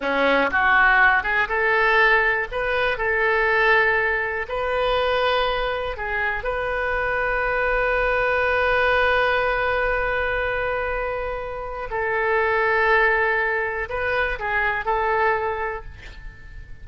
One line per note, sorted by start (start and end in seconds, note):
0.00 0.50 C#4
0.51 1.23 F#4
1.23 1.47 G#4
1.48 2.47 A4
2.51 2.97 B4
2.97 4.46 A4
4.48 5.96 B4
5.96 6.43 G#4
6.43 11.89 B4
11.90 13.88 A4
13.89 14.38 B4
14.39 14.85 G#4
14.85 15.84 A4